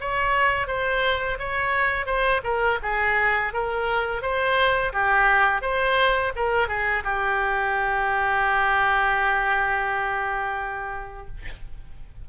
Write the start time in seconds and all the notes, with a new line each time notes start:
0.00 C#5
0.67 C5
1.39 C#5
2.06 C5
2.43 A#4
2.82 G#4
3.53 A#4
4.22 C5
4.92 G4
5.61 C5
6.35 A#4
6.68 G#4
7.03 G4